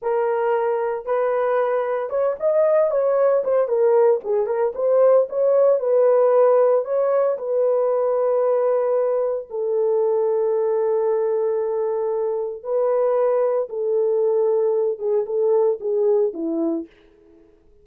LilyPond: \new Staff \with { instrumentName = "horn" } { \time 4/4 \tempo 4 = 114 ais'2 b'2 | cis''8 dis''4 cis''4 c''8 ais'4 | gis'8 ais'8 c''4 cis''4 b'4~ | b'4 cis''4 b'2~ |
b'2 a'2~ | a'1 | b'2 a'2~ | a'8 gis'8 a'4 gis'4 e'4 | }